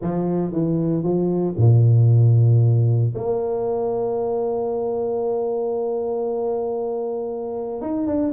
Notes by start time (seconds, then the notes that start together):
0.01 F3
0.51 E3
1.03 F3
1.57 A#2
3.14 A#3
7.81 D#4
8.06 D4